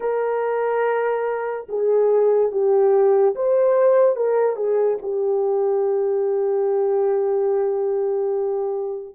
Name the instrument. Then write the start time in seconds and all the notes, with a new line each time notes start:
horn
0.00 A#4
1.69 G#4
2.51 G4
3.35 C5
4.16 A#4
4.56 G#4
5.02 G4